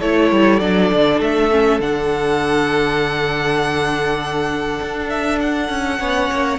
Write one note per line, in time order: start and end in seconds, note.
0.00 0.32 A3
0.00 0.61 E4
0.00 6.00 A4
0.00 0.60 C#5
0.32 0.61 G3
0.60 0.91 F#3
0.60 1.51 D4
0.60 1.20 D5
0.93 1.20 D3
1.20 1.80 A3
1.20 1.81 E5
1.51 1.81 C#4
1.80 4.80 D3
1.80 5.99 D4
1.80 5.10 F#5
4.81 5.70 D4
5.10 5.40 E5
5.40 6.59 F#5
5.70 6.00 C#4
5.99 6.31 B3
5.99 6.59 C#4
5.99 6.59 C#5
6.32 6.59 A#3